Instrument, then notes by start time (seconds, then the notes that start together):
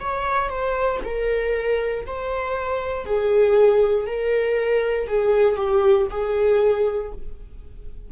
viola
0.00 C#5
0.49 C5
1.04 A#4
2.07 C5
3.06 G#4
4.07 A#4
5.08 G#4
5.57 G4
6.11 G#4